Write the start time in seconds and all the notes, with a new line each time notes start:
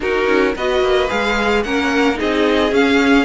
0.00 D#4 F#4 A#4
0.27 C#4
0.55 B3 F#4 B4 D#5
0.81 A#3
1.08 G#3 G#4 F5
1.63 A#3 C#4 A#4 F#5
2.14 D#4 G#4 D#5
2.21 C4
2.71 C#4 F5